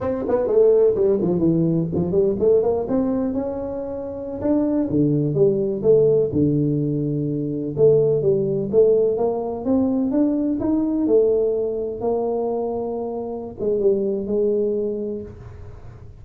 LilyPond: \new Staff \with { instrumentName = "tuba" } { \time 4/4 \tempo 4 = 126 c'8 b8 a4 g8 f8 e4 | f8 g8 a8 ais8 c'4 cis'4~ | cis'4~ cis'16 d'4 d4 g8.~ | g16 a4 d2~ d8.~ |
d16 a4 g4 a4 ais8.~ | ais16 c'4 d'4 dis'4 a8.~ | a4~ a16 ais2~ ais8.~ | ais8 gis8 g4 gis2 | }